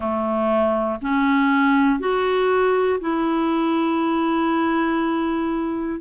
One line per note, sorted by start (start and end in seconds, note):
0.00 0.99 A3
1.01 1.99 C#4
1.99 2.99 F#4
3.00 6.00 E4